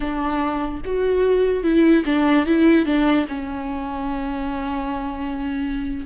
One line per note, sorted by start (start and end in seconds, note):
0.00 0.81 D4
0.84 1.63 F#4
1.63 2.04 E4
2.05 2.45 D4
2.45 2.85 E4
2.85 3.26 D4
3.28 6.05 C#4